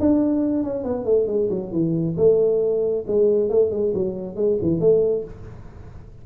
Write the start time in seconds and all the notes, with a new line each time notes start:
0.00 D4
0.64 C#4
0.84 B3
1.05 A3
1.28 G#3
1.50 F#3
1.72 E3
2.17 A3
3.08 G#3
3.50 A3
3.71 G#3
3.95 F#3
4.36 G#3
4.62 E3
4.81 A3